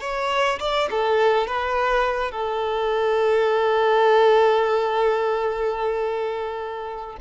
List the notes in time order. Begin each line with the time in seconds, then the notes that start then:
0.00 C#5
0.59 D5
0.90 A4
1.47 B4
2.31 A4